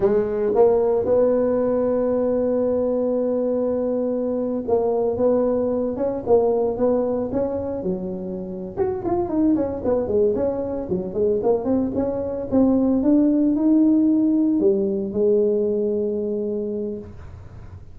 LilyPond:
\new Staff \with { instrumentName = "tuba" } { \time 4/4 \tempo 4 = 113 gis4 ais4 b2~ | b1~ | b8. ais4 b4. cis'8 ais16~ | ais8. b4 cis'4 fis4~ fis16~ |
fis8 fis'8 f'8 dis'8 cis'8 b8 gis8 cis'8~ | cis'8 fis8 gis8 ais8 c'8 cis'4 c'8~ | c'8 d'4 dis'2 g8~ | g8 gis2.~ gis8 | }